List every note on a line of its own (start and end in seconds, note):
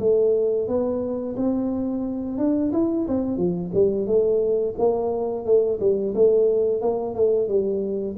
0.00 0.68 A3
0.68 1.36 B3
1.37 2.38 C4
2.38 2.72 D4
2.73 3.07 E4
3.08 3.37 C4
3.37 3.72 F3
3.74 4.07 G3
4.07 4.75 A3
4.79 5.46 A#3
5.46 5.80 A3
5.80 6.14 G3
6.15 6.82 A3
6.82 7.15 A#3
7.15 7.48 A3
7.48 8.17 G3